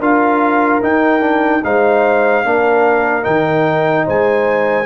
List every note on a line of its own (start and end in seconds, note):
0.00 0.81 D4
0.00 0.82 F4
0.00 1.62 A#4
0.00 0.83 F5
0.82 1.20 D#4
0.82 1.64 D#4
0.82 1.64 G5
1.20 1.61 D4
1.64 2.45 G#3
1.64 2.44 D#4
1.64 2.45 C5
1.64 3.24 F5
2.44 3.26 A#3
2.44 3.22 D4
2.44 4.06 A#4
3.22 4.07 D#3
3.22 4.84 D#4
3.22 4.05 G5
4.06 4.86 G#3
4.06 4.86 C5
4.06 4.86 G#5